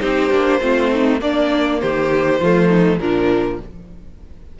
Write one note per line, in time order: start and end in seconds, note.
0.00 0.30 C4
0.00 0.30 D#4
0.00 0.60 G4
0.00 1.20 C5
0.30 0.60 A#3
0.30 0.60 D4
0.60 1.21 A3
0.60 1.19 C4
0.60 0.91 F4
0.92 1.21 D#4
1.19 2.39 A#3
1.19 1.81 A#3
1.19 1.80 D4
1.19 1.80 D5
1.80 2.40 D#3
1.80 2.40 G4
1.80 2.99 C5
2.40 2.98 F3
2.40 2.99 A3
2.40 2.68 F4
2.68 2.98 D#4
2.98 3.58 A#2
2.98 3.59 F3
2.98 3.60 D4
2.98 3.59 A#4